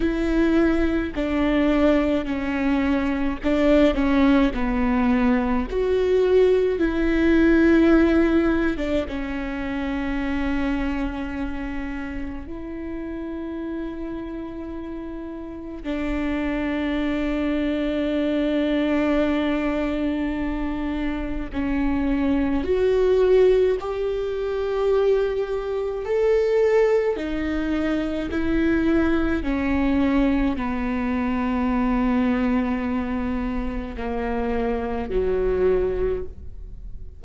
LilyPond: \new Staff \with { instrumentName = "viola" } { \time 4/4 \tempo 4 = 53 e'4 d'4 cis'4 d'8 cis'8 | b4 fis'4 e'4.~ e'16 d'16 | cis'2. e'4~ | e'2 d'2~ |
d'2. cis'4 | fis'4 g'2 a'4 | dis'4 e'4 cis'4 b4~ | b2 ais4 fis4 | }